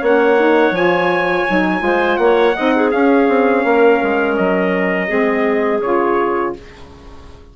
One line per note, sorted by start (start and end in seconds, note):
0.00 0.71 A#3
0.00 0.38 C#4
0.00 1.81 C#5
0.00 0.75 F#5
0.38 0.74 D#4
0.71 1.43 F3
0.71 1.47 F4
0.71 2.16 G#5
1.48 1.81 F#3
1.48 1.79 D#4
1.79 2.17 G#3
1.79 2.52 F4
1.79 2.20 C5
2.16 2.54 A#3
2.16 2.55 C#5
2.16 2.89 F#5
2.55 2.93 C4
2.55 2.91 D#4
2.55 2.73 D#5
2.75 3.65 G#4
2.91 5.08 C#4
2.91 3.28 C#4
2.91 4.35 F5
3.28 3.64 C4
3.64 4.00 A#3
3.64 5.08 A#4
4.02 4.38 G#3
4.36 5.10 F#3
4.36 5.81 D#5
5.08 5.80 G#3
5.08 5.80 C4
5.08 6.52 G#4
5.80 6.53 C#3
5.80 6.56 F4
5.80 6.53 C#5